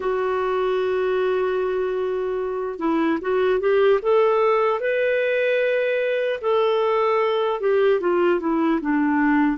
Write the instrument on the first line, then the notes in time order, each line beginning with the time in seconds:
clarinet
0.00 F#4
2.78 E4
3.21 F#4
3.60 G4
4.02 A4
4.80 B4
6.41 A4
7.60 G4
8.00 F4
8.40 E4
8.81 D4